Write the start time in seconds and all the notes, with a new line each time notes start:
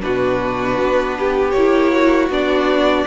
0.00 B2 D4 F#4 B4
0.78 B3
1.19 G4
1.50 A#3 C#5
1.58 E4
1.92 F#4
2.29 B3 D4 D5